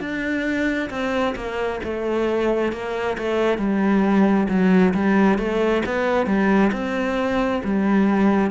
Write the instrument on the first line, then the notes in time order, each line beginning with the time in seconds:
cello
0.00 D4
0.90 C4
1.36 A#3
1.84 A3
2.73 A#3
3.18 A3
3.58 G3
4.49 F#3
4.94 G3
5.38 A3
5.86 B3
6.26 G3
6.72 C4
7.64 G3